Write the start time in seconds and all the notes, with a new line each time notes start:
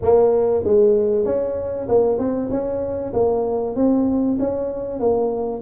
0.02 A#3
0.64 G#3
1.25 C#4
1.88 A#3
2.18 C4
2.50 C#4
3.12 A#3
3.75 C4
4.39 C#4
4.99 A#3